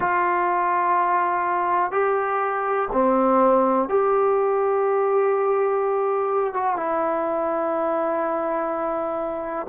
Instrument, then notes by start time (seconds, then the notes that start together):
trombone
0.00 F4
1.91 G4
2.92 C4
3.88 G4
6.53 F#4
6.76 E4